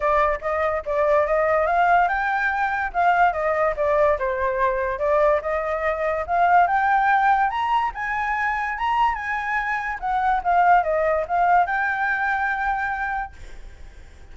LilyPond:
\new Staff \with { instrumentName = "flute" } { \time 4/4 \tempo 4 = 144 d''4 dis''4 d''4 dis''4 | f''4 g''2 f''4 | dis''4 d''4 c''2 | d''4 dis''2 f''4 |
g''2 ais''4 gis''4~ | gis''4 ais''4 gis''2 | fis''4 f''4 dis''4 f''4 | g''1 | }